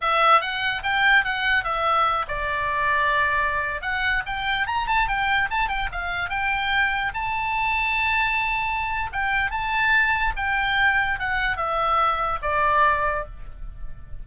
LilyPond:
\new Staff \with { instrumentName = "oboe" } { \time 4/4 \tempo 4 = 145 e''4 fis''4 g''4 fis''4 | e''4. d''2~ d''8~ | d''4~ d''16 fis''4 g''4 ais''8 a''16~ | a''16 g''4 a''8 g''8 f''4 g''8.~ |
g''4~ g''16 a''2~ a''8.~ | a''2 g''4 a''4~ | a''4 g''2 fis''4 | e''2 d''2 | }